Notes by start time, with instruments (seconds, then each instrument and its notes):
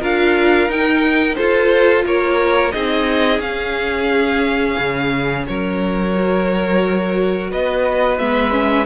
0.00 cello D4, viola F4, violin A#4 F5
0.68 cello D#4, viola D#4, violin G5
1.35 viola F4, cello F4, violin A4 C5
2.05 cello A#3, violin A#4 C#5
2.72 cello C4, viola D#4, violin G#4 D#5
3.39 cello C#4, viola C#4, violin F5
4.79 cello C#3
5.47 cello F#3, violin A#4 C#5
6.15 viola F#4
7.50 cello B3, violin B4 D#5
8.18 cello G#3, viola B3, violin E5
8.51 viola C#4